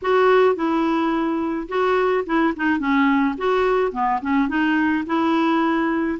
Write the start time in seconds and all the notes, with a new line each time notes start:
0.02 F#4
0.55 E4
1.68 F#4
2.26 E4
2.56 D#4
2.79 C#4
3.37 F#4
3.92 B3
4.21 C#4
4.48 D#4
5.06 E4